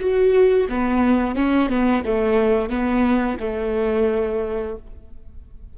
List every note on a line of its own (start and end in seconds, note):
0.00 0.68 F#4
0.69 1.35 B3
1.35 1.70 C#4
1.70 2.04 B3
2.05 2.69 A3
2.69 3.37 B3
3.40 4.76 A3